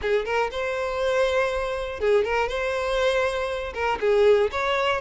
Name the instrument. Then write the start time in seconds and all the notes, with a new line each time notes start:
violin
0.01 G#4
0.25 A#4
0.51 C5
2.00 G#4
2.24 A#4
2.48 C5
3.73 A#4
4.00 G#4
4.51 C#5